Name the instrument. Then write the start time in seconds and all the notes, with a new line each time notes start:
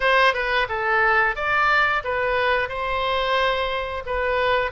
oboe
0.00 C5
0.33 B4
0.69 A4
1.35 D5
2.03 B4
2.68 C5
4.06 B4